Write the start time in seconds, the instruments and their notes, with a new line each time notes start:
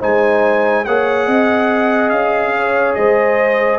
0.00 tuba G#3, trombone D#4, horn C5, trumpet G#5
0.86 tuba A#3, trombone G#4, horn C#5, trumpet F#5
1.27 tuba C4, horn D#5
2.10 tuba C#4, trumpet F5
2.56 horn C#5
2.95 tuba G#3, horn C5, trumpet D#5